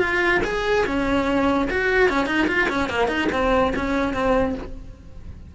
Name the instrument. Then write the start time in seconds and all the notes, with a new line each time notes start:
cello
0.00 F4
0.44 G#4
0.86 C#4
1.71 F#4
2.10 C#4
2.27 D#4
2.48 F4
2.69 C#4
2.90 A#3
3.08 D#4
3.33 C4
3.76 C#4
4.14 C4